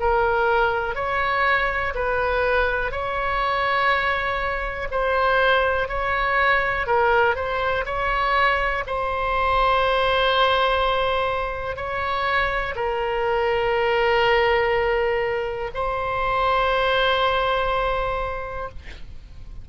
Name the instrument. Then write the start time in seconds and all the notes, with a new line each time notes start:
oboe
0.00 A#4
0.95 C#5
1.95 B4
2.92 C#5
4.91 C5
5.88 C#5
6.87 A#4
7.36 C5
7.86 C#5
8.87 C5
11.76 C#5
12.76 A#4
15.74 C5